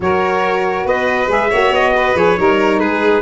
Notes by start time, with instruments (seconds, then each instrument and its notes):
0.00 tuba F#3, saxophone F#4, violin A#4, trumpet C#5
0.84 tuba B3, violin B4, trumpet D#5
1.27 tuba G#3, saxophone G#4, trumpet E5
1.49 tuba A#3, saxophone F#4, violin C#5
1.71 tuba B3, trumpet D#5
1.96 violin B4
2.14 tuba F3, saxophone G#4, trumpet C#5
2.37 tuba G3, saxophone D#4, violin A#4
2.79 tuba G#3, violin G#4, trumpet B4